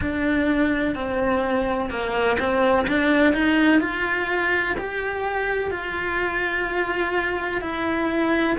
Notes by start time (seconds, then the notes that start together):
0.01 D4
0.95 C4
1.90 A#3
2.39 C4
2.87 D4
3.33 D#4
3.80 F4
4.77 G4
5.71 F4
7.61 E4